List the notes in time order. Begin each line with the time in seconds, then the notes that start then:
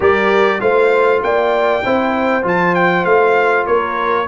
0.00 G3 G4 A#4 D5
0.59 A3 F4 C5 F5
1.22 A#3 D5 G5
1.84 C4 E4 C5
2.42 F3 F4 A5
2.74 G5
3.04 A3 F5
3.66 A#3 A#4 C#5